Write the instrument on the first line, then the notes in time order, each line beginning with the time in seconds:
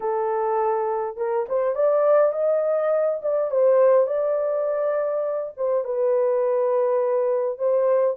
horn
0.00 A4
1.17 A#4
1.49 C5
1.75 D5
2.32 D#5
3.22 D5
3.50 C5
4.06 D5
5.56 C5
5.84 B4
7.58 C5